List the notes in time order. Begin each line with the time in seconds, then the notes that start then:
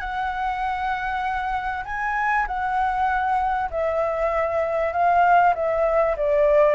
0.00 F#5
1.85 G#5
2.47 F#5
3.70 E5
4.93 F5
5.54 E5
6.16 D5